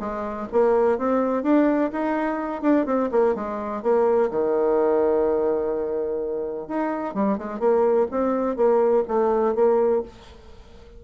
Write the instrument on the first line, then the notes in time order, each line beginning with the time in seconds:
bassoon
0.00 G#3
0.52 A#3
0.98 C4
1.44 D4
1.93 D#4
2.62 D4
2.86 C4
3.12 A#3
3.35 G#3
3.83 A#3
4.31 D#3
6.68 D#4
7.15 G3
7.38 G#3
7.60 A#3
8.11 C4
8.57 A#3
9.08 A3
9.55 A#3